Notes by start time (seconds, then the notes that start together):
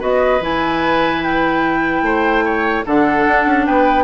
0.00 B3 F#4 B4 D#5
0.41 E3 E4 G#5
1.23 G5
2.02 A3 C5
2.45 C#5
2.86 D3 D4 A4 F#5
3.28 D4
3.46 C#4
3.66 B3 B4 G5